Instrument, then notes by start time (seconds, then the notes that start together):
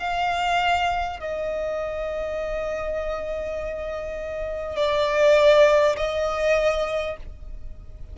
violin
0.00 F5
1.20 D#5
4.77 D5
5.97 D#5